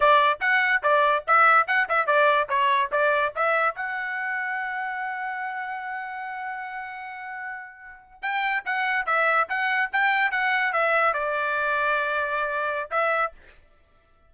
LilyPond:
\new Staff \with { instrumentName = "trumpet" } { \time 4/4 \tempo 4 = 144 d''4 fis''4 d''4 e''4 | fis''8 e''8 d''4 cis''4 d''4 | e''4 fis''2.~ | fis''1~ |
fis''2.~ fis''8. g''16~ | g''8. fis''4 e''4 fis''4 g''16~ | g''8. fis''4 e''4 d''4~ d''16~ | d''2. e''4 | }